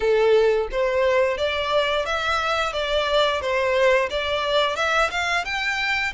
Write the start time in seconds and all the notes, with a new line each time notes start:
0.00 A4
0.71 C5
1.37 D5
2.05 E5
2.72 D5
3.41 C5
4.09 D5
4.75 E5
5.10 F5
5.45 G5